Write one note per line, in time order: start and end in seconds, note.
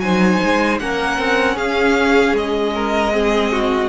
0.00 0.39 F#3
0.00 0.81 D#4
0.00 0.81 C5
0.00 0.78 G#5
0.43 0.81 G#3
0.80 1.19 A#3
0.80 3.12 C#4
0.80 1.55 A#4
0.80 1.58 F#5
1.19 1.57 C4
1.55 2.33 C#4
1.55 2.72 G#4
1.55 2.36 F5
2.33 3.89 G#3
2.33 3.89 D#5
2.75 3.14 A#4
3.12 3.89 C4
3.12 3.52 G#4
3.52 3.89 F#4